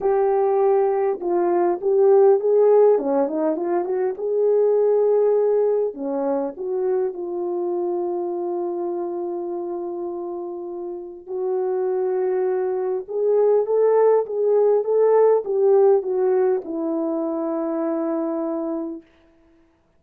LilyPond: \new Staff \with { instrumentName = "horn" } { \time 4/4 \tempo 4 = 101 g'2 f'4 g'4 | gis'4 cis'8 dis'8 f'8 fis'8 gis'4~ | gis'2 cis'4 fis'4 | f'1~ |
f'2. fis'4~ | fis'2 gis'4 a'4 | gis'4 a'4 g'4 fis'4 | e'1 | }